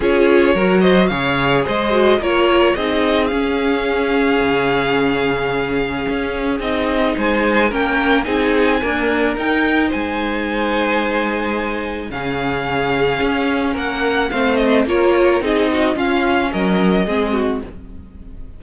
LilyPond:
<<
  \new Staff \with { instrumentName = "violin" } { \time 4/4 \tempo 4 = 109 cis''4. dis''8 f''4 dis''4 | cis''4 dis''4 f''2~ | f''1 | dis''4 gis''4 g''4 gis''4~ |
gis''4 g''4 gis''2~ | gis''2 f''2~ | f''4 fis''4 f''8 dis''8 cis''4 | dis''4 f''4 dis''2 | }
  \new Staff \with { instrumentName = "violin" } { \time 4/4 gis'4 ais'8 c''8 cis''4 c''4 | ais'4 gis'2.~ | gis'1~ | gis'4 c''4 ais'4 gis'4 |
ais'2 c''2~ | c''2 gis'2~ | gis'4 ais'4 c''4 ais'4 | gis'8 fis'8 f'4 ais'4 gis'8 fis'8 | }
  \new Staff \with { instrumentName = "viola" } { \time 4/4 f'4 fis'4 gis'4. fis'8 | f'4 dis'4 cis'2~ | cis'1 | dis'2 cis'4 dis'4 |
ais4 dis'2.~ | dis'2 cis'2~ | cis'2 c'4 f'4 | dis'4 cis'2 c'4 | }
  \new Staff \with { instrumentName = "cello" } { \time 4/4 cis'4 fis4 cis4 gis4 | ais4 c'4 cis'2 | cis2. cis'4 | c'4 gis4 ais4 c'4 |
d'4 dis'4 gis2~ | gis2 cis2 | cis'4 ais4 a4 ais4 | c'4 cis'4 fis4 gis4 | }
>>